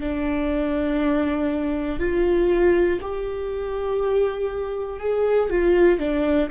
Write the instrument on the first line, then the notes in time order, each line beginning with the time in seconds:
viola
0.00 D4
1.99 F4
3.01 G4
5.00 G#4
5.50 F4
5.99 D4